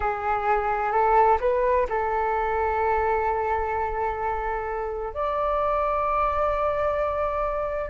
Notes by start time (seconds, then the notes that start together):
0.00 G#4
0.92 A4
1.40 B4
1.89 A4
5.13 D5